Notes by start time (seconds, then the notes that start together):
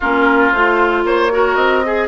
0.00 A#3 C#4 F4 A#4
0.51 A3 F4 C5
1.04 A#3 C5 C#5
1.31 F#4 A#4
1.55 C4 D#5
1.85 G#4